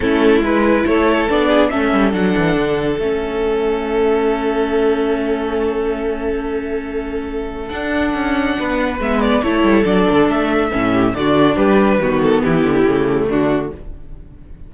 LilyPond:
<<
  \new Staff \with { instrumentName = "violin" } { \time 4/4 \tempo 4 = 140 a'4 b'4 cis''4 d''4 | e''4 fis''2 e''4~ | e''1~ | e''1~ |
e''2 fis''2~ | fis''4 e''8 d''8 cis''4 d''4 | e''2 d''4 b'4~ | b'8 a'8 g'2 fis'4 | }
  \new Staff \with { instrumentName = "violin" } { \time 4/4 e'2 a'4. gis'8 | a'1~ | a'1~ | a'1~ |
a'1 | b'2 a'2~ | a'4. g'8 fis'4 g'4 | fis'4 e'2 d'4 | }
  \new Staff \with { instrumentName = "viola" } { \time 4/4 cis'4 e'2 d'4 | cis'4 d'2 cis'4~ | cis'1~ | cis'1~ |
cis'2 d'2~ | d'4 b4 e'4 d'4~ | d'4 cis'4 d'2 | b2 a2 | }
  \new Staff \with { instrumentName = "cello" } { \time 4/4 a4 gis4 a4 b4 | a8 g8 fis8 e8 d4 a4~ | a1~ | a1~ |
a2 d'4 cis'4 | b4 gis4 a8 g8 fis8 d8 | a4 a,4 d4 g4 | dis4 e8 d8 cis4 d4 | }
>>